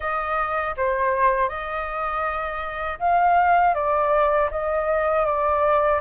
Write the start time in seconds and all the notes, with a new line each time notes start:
0.00 D#5
0.76 C5
1.48 D#5
2.99 F5
3.74 D5
4.50 D#5
5.25 D5